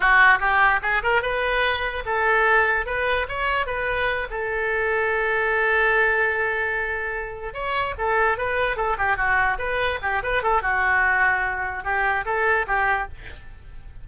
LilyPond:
\new Staff \with { instrumentName = "oboe" } { \time 4/4 \tempo 4 = 147 fis'4 g'4 gis'8 ais'8 b'4~ | b'4 a'2 b'4 | cis''4 b'4. a'4.~ | a'1~ |
a'2~ a'8 cis''4 a'8~ | a'8 b'4 a'8 g'8 fis'4 b'8~ | b'8 g'8 b'8 a'8 fis'2~ | fis'4 g'4 a'4 g'4 | }